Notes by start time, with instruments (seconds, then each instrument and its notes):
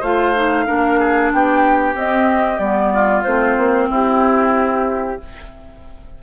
0.00 bassoon A3, clarinet F4, oboe C5, flute F5
0.35 clarinet D#4
0.66 bassoon A#3, clarinet D4, oboe A#4
0.99 oboe G#4
1.32 bassoon B3, oboe G4, flute G5
1.94 bassoon C4, clarinet C4, flute D#5
2.58 bassoon G3, clarinet B3, flute D5
2.93 oboe F4
3.24 bassoon A3, clarinet C4, flute C5
3.57 bassoon A#3
3.89 bassoon C4, oboe E4, flute G4